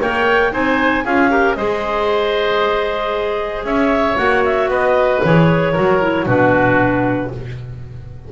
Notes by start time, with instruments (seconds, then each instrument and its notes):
0.00 double bass A#3, clarinet A#4 G5, oboe C#5
0.51 double bass C4, clarinet D#4 G#5, oboe C5
1.04 double bass C#4, clarinet F4 F5, oboe G#4
1.29 clarinet G4, oboe A#4
1.54 double bass G#3, clarinet G#4 D#5, oboe C5
3.64 double bass C#4, oboe C#5, clarinet E5
4.16 double bass A#3, clarinet F#4 F#5
4.44 clarinet E5
4.68 double bass B3, oboe B4, clarinet D#5
5.23 double bass E3, clarinet G#4 C#5
5.72 double bass F#3, clarinet F#4, oboe A#4
6.01 clarinet E4
6.26 double bass B2, clarinet D4 B4, oboe F#4